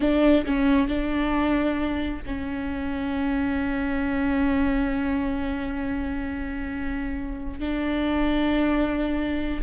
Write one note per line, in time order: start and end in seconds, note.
0.00 0.45 D4
0.45 0.88 C#4
0.88 2.22 D4
2.26 7.59 C#4
7.59 9.61 D4